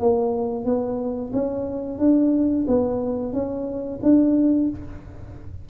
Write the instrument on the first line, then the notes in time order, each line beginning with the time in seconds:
tuba
0.00 A#3
0.65 B3
1.33 C#4
1.99 D4
2.68 B3
3.33 C#4
4.03 D4